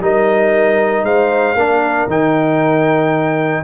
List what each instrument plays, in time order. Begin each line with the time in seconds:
0.00 tuba G3, trombone D#4, horn A#4, trumpet D#5
1.03 tuba G#3, horn C5, trumpet F5
1.55 tuba A#3, trombone D4, horn A#4
2.07 tuba D#3, trombone D#4, trumpet G5